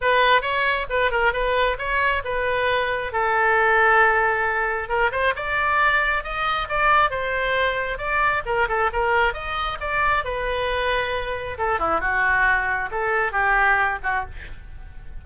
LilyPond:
\new Staff \with { instrumentName = "oboe" } { \time 4/4 \tempo 4 = 135 b'4 cis''4 b'8 ais'8 b'4 | cis''4 b'2 a'4~ | a'2. ais'8 c''8 | d''2 dis''4 d''4 |
c''2 d''4 ais'8 a'8 | ais'4 dis''4 d''4 b'4~ | b'2 a'8 e'8 fis'4~ | fis'4 a'4 g'4. fis'8 | }